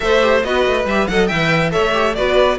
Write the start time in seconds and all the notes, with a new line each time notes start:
0.00 A3 A4 C5 E5
0.21 G4
0.43 B3 F#4 B4 D#5
0.66 A3
0.85 G3 G4 E5
1.07 F#3 A4 D#5 F#5
1.27 E3 B4 E5 G5
1.70 A4 C#5 E5
1.77 A3
1.92 G4
2.14 B3 F#4 B4 D5